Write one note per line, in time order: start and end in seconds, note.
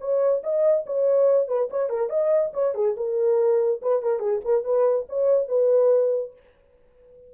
0.00 0.42 C#5
0.43 0.85 D#5
0.86 1.48 C#5
1.48 1.69 B4
1.70 1.89 C#5
1.89 2.09 A#4
2.09 2.51 D#5
2.53 2.74 C#5
2.74 2.96 G#4
2.96 3.81 A#4
3.82 4.02 B4
4.02 4.19 A#4
4.19 4.40 G#4
4.44 4.64 A#4
4.64 5.06 B4
5.09 5.48 C#5
5.48 6.33 B4